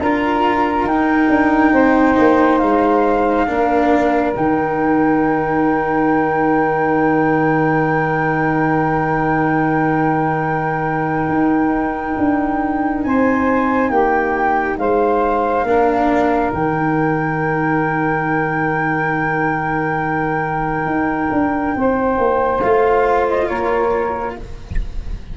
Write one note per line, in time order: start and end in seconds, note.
0.00 0.85 D4
0.00 0.90 F4
0.00 1.73 A#4
0.00 0.88 A#5
0.85 1.28 D#4
0.85 3.47 D#4
0.85 2.59 G5
1.29 1.73 D4
1.73 2.17 C4
1.73 3.47 C5
2.19 2.63 A#3
2.59 3.49 G#3
2.59 4.33 F5
3.47 4.36 A#3
3.47 4.34 D4
3.47 13.07 A#4
4.36 11.29 D#3
4.36 15.67 D#4
4.36 13.04 G5
11.29 12.16 D#4
12.18 13.05 D4
13.04 13.90 C4
13.04 13.91 C5
13.04 13.91 G#5
13.90 14.77 A#3
13.90 14.78 G4
13.90 14.78 G5
14.78 15.64 G#3
14.78 15.67 C5
14.78 16.52 F5
15.64 16.51 A#3
15.64 16.51 D4
15.64 21.77 A#4
16.51 20.86 D#3
16.51 22.60 D#4
16.51 22.61 G5
20.86 21.30 D#4
21.32 21.76 D4
21.77 22.18 C4
21.77 23.49 C5
22.18 22.62 A#3
22.61 23.50 A3
22.61 24.38 F4
22.61 23.26 F5
23.29 23.48 D#5
23.48 24.37 A#3
23.48 24.36 A#4
23.48 24.35 C#5